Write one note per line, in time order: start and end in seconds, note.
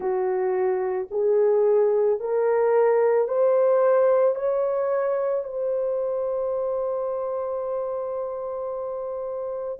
0.00 1.07 F#4
1.11 2.20 G#4
2.20 3.27 A#4
3.27 4.35 C5
4.35 5.43 C#5
5.43 9.79 C5